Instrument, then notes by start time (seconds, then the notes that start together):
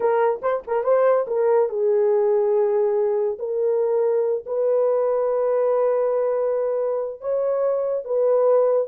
horn
0.00 A#4
0.42 C5
0.67 A#4
0.83 C5
1.27 A#4
1.69 G#4
3.38 A#4
4.46 B4
7.21 C#5
8.05 B4